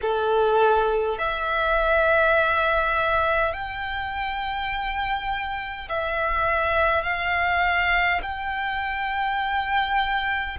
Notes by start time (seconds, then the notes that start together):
0.01 A4
1.18 E5
3.53 G5
5.88 E5
7.03 F5
8.22 G5